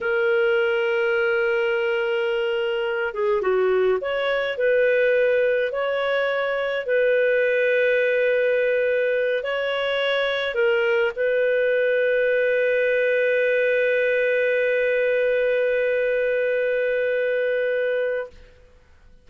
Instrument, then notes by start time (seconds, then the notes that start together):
clarinet
0.00 A#4
3.14 G#4
3.41 F#4
4.01 C#5
4.57 B4
5.71 C#5
6.86 B4
9.43 C#5
10.54 A#4
11.15 B4